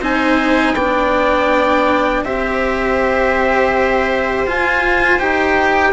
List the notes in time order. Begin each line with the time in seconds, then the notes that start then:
0.00 C4 D#4 C5 G#5
0.75 B3 D4 D5 G5
2.25 C4 G4 C5 E5
4.47 F4 G#5
5.19 D#4 G4 G5